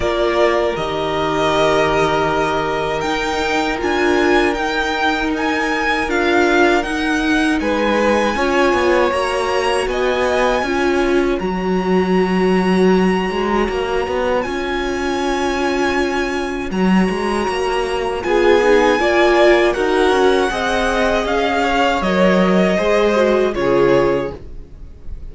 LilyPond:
<<
  \new Staff \with { instrumentName = "violin" } { \time 4/4 \tempo 4 = 79 d''4 dis''2. | g''4 gis''4 g''4 gis''4 | f''4 fis''4 gis''2 | ais''4 gis''2 ais''4~ |
ais''2. gis''4~ | gis''2 ais''2 | gis''2 fis''2 | f''4 dis''2 cis''4 | }
  \new Staff \with { instrumentName = "violin" } { \time 4/4 ais'1~ | ais'1~ | ais'2 b'4 cis''4~ | cis''4 dis''4 cis''2~ |
cis''1~ | cis''1 | gis'4 d''4 ais'4 dis''4~ | dis''8 cis''4. c''4 gis'4 | }
  \new Staff \with { instrumentName = "viola" } { \time 4/4 f'4 g'2. | dis'4 f'4 dis'2 | f'4 dis'2 f'4 | fis'2 f'4 fis'4~ |
fis'2. f'4~ | f'2 fis'2 | f'8 dis'8 f'4 fis'4 gis'4~ | gis'4 ais'4 gis'8 fis'8 f'4 | }
  \new Staff \with { instrumentName = "cello" } { \time 4/4 ais4 dis2. | dis'4 d'4 dis'2 | d'4 dis'4 gis4 cis'8 b8 | ais4 b4 cis'4 fis4~ |
fis4. gis8 ais8 b8 cis'4~ | cis'2 fis8 gis8 ais4 | b4 ais4 dis'8 cis'8 c'4 | cis'4 fis4 gis4 cis4 | }
>>